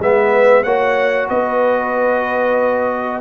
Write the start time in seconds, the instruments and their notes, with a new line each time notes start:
0.00 tuba G#3, trombone B3, horn B4, trumpet E5
0.64 tuba A#3, trombone F#4, horn C#5, trumpet F#5
1.29 tuba B3, horn B4, trumpet D#5